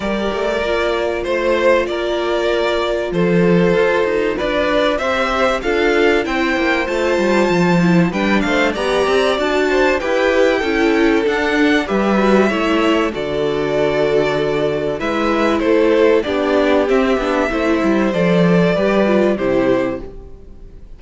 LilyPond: <<
  \new Staff \with { instrumentName = "violin" } { \time 4/4 \tempo 4 = 96 d''2 c''4 d''4~ | d''4 c''2 d''4 | e''4 f''4 g''4 a''4~ | a''4 g''8 f''8 ais''4 a''4 |
g''2 fis''4 e''4~ | e''4 d''2. | e''4 c''4 d''4 e''4~ | e''4 d''2 c''4 | }
  \new Staff \with { instrumentName = "violin" } { \time 4/4 ais'2 c''4 ais'4~ | ais'4 a'2 b'4 | c''4 a'4 c''2~ | c''4 b'8 c''8 d''4. c''8 |
b'4 a'2 b'4 | cis''4 a'2. | b'4 a'4 g'2 | c''2 b'4 g'4 | }
  \new Staff \with { instrumentName = "viola" } { \time 4/4 g'4 f'2.~ | f'1 | g'4 f'4 e'4 f'4~ | f'8 e'8 d'4 g'4 fis'4 |
g'4 e'4 d'4 g'8 fis'8 | e'4 fis'2. | e'2 d'4 c'8 d'8 | e'4 a'4 g'8 f'8 e'4 | }
  \new Staff \with { instrumentName = "cello" } { \time 4/4 g8 a8 ais4 a4 ais4~ | ais4 f4 f'8 dis'8 d'4 | c'4 d'4 c'8 ais8 a8 g8 | f4 g8 a8 b8 c'8 d'4 |
e'4 cis'4 d'4 g4 | a4 d2. | gis4 a4 b4 c'8 b8 | a8 g8 f4 g4 c4 | }
>>